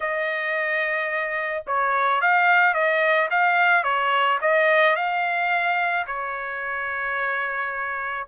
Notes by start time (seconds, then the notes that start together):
0.00 D#5
1.66 C#5
2.21 F5
2.73 D#5
3.30 F5
3.83 C#5
4.41 D#5
4.96 F5
6.07 C#5